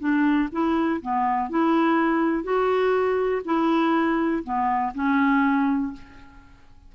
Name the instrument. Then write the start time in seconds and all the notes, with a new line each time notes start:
clarinet
0.00 D4
0.52 E4
1.02 B3
1.50 E4
2.44 F#4
3.45 E4
4.44 B3
4.95 C#4